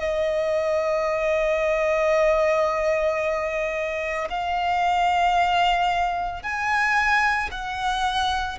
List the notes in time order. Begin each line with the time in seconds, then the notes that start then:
0.00 D#5
4.30 F5
6.43 G#5
7.51 F#5